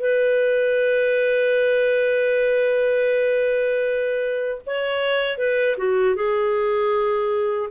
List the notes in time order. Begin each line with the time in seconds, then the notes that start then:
0.00 B4
4.66 C#5
5.38 B4
5.78 F#4
6.15 G#4